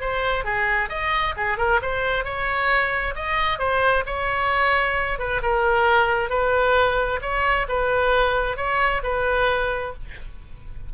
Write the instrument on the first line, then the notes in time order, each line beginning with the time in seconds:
oboe
0.00 C5
0.44 G#4
0.89 D#5
1.36 G#4
1.57 A#4
1.81 C5
2.24 C#5
3.15 D#5
3.58 C5
4.06 C#5
5.18 B4
5.42 A#4
6.29 B4
7.21 C#5
7.68 B4
8.56 C#5
9.03 B4